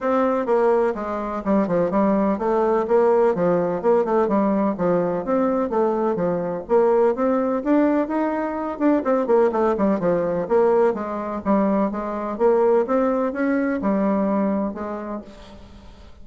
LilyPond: \new Staff \with { instrumentName = "bassoon" } { \time 4/4 \tempo 4 = 126 c'4 ais4 gis4 g8 f8 | g4 a4 ais4 f4 | ais8 a8 g4 f4 c'4 | a4 f4 ais4 c'4 |
d'4 dis'4. d'8 c'8 ais8 | a8 g8 f4 ais4 gis4 | g4 gis4 ais4 c'4 | cis'4 g2 gis4 | }